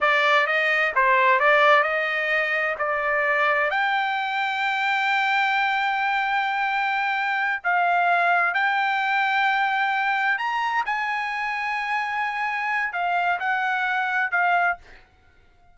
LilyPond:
\new Staff \with { instrumentName = "trumpet" } { \time 4/4 \tempo 4 = 130 d''4 dis''4 c''4 d''4 | dis''2 d''2 | g''1~ | g''1~ |
g''8 f''2 g''4.~ | g''2~ g''8 ais''4 gis''8~ | gis''1 | f''4 fis''2 f''4 | }